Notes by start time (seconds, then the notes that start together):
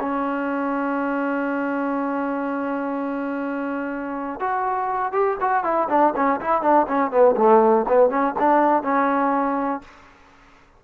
0.00 C#4
4.40 F#4
5.13 G4
5.41 F#4
5.64 E4
5.89 D4
6.16 C#4
6.41 E4
6.62 D4
6.88 C#4
7.11 B3
7.37 A3
7.88 B3
8.10 C#4
8.39 D4
8.83 C#4